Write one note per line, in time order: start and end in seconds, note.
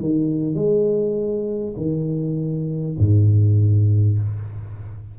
0.00 0.55 D#3
0.55 1.75 G#3
1.77 2.97 D#3
2.99 4.19 G#2